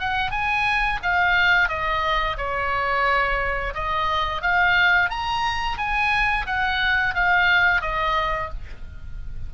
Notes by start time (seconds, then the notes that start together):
0.00 F#5
0.32 G#5
1.03 F5
1.69 D#5
2.38 C#5
3.75 D#5
4.43 F5
5.10 A#5
5.78 G#5
6.47 F#5
7.15 F5
7.82 D#5